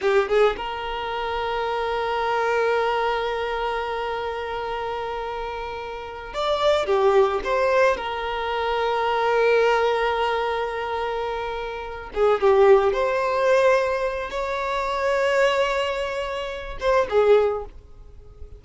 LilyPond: \new Staff \with { instrumentName = "violin" } { \time 4/4 \tempo 4 = 109 g'8 gis'8 ais'2.~ | ais'1~ | ais'2.~ ais'8 d''8~ | d''8 g'4 c''4 ais'4.~ |
ais'1~ | ais'2 gis'8 g'4 c''8~ | c''2 cis''2~ | cis''2~ cis''8 c''8 gis'4 | }